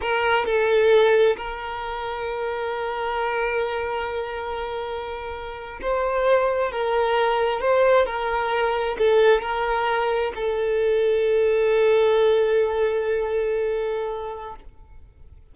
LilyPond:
\new Staff \with { instrumentName = "violin" } { \time 4/4 \tempo 4 = 132 ais'4 a'2 ais'4~ | ais'1~ | ais'1~ | ais'8. c''2 ais'4~ ais'16~ |
ais'8. c''4 ais'2 a'16~ | a'8. ais'2 a'4~ a'16~ | a'1~ | a'1 | }